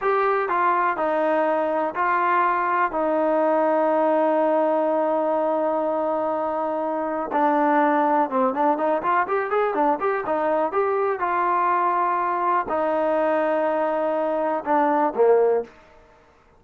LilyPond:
\new Staff \with { instrumentName = "trombone" } { \time 4/4 \tempo 4 = 123 g'4 f'4 dis'2 | f'2 dis'2~ | dis'1~ | dis'2. d'4~ |
d'4 c'8 d'8 dis'8 f'8 g'8 gis'8 | d'8 g'8 dis'4 g'4 f'4~ | f'2 dis'2~ | dis'2 d'4 ais4 | }